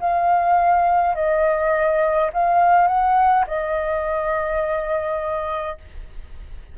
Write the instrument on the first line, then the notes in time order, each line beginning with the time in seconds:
flute
0.00 F5
1.15 D#5
2.33 F5
2.87 F#5
3.47 D#5